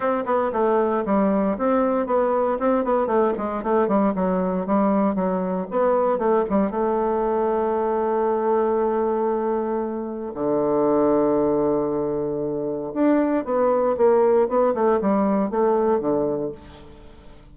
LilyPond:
\new Staff \with { instrumentName = "bassoon" } { \time 4/4 \tempo 4 = 116 c'8 b8 a4 g4 c'4 | b4 c'8 b8 a8 gis8 a8 g8 | fis4 g4 fis4 b4 | a8 g8 a2.~ |
a1 | d1~ | d4 d'4 b4 ais4 | b8 a8 g4 a4 d4 | }